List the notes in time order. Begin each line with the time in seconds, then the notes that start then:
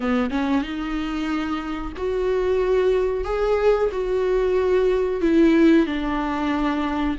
0.00 B3
0.30 C#4
0.62 D#4
1.96 F#4
3.24 G#4
3.91 F#4
5.21 E4
5.86 D4